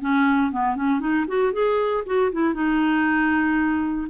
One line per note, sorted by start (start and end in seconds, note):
0.00 0.51 C#4
0.51 0.76 B3
0.76 1.00 C#4
1.00 1.25 D#4
1.27 1.52 F#4
1.52 2.04 G#4
2.06 2.31 F#4
2.32 2.54 E4
2.54 4.07 D#4